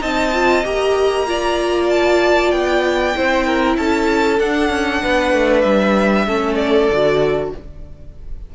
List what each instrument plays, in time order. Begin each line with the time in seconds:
0.00 cello C4, viola D#4, violin D#5 A5
0.33 viola F4
0.64 cello A#3, viola G4, violin A#5
1.26 viola F4, violin D5
1.90 violin A5
2.51 cello B3, violin G5
3.14 cello C4, viola E4, violin C5
3.46 violin A#4
3.77 cello C#4, violin A4 A5
4.39 cello D4, viola D4, violin F#5
4.70 cello C#4
5.02 cello B3, violin B4
5.33 cello A3
5.61 cello G3, violin E5
6.26 cello A3, viola C#4, violin A4
6.55 violin D5
6.89 cello D3, viola F#4